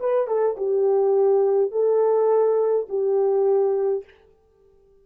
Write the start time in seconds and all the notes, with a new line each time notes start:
0.00 B4
0.28 A4
0.57 G4
1.72 A4
2.89 G4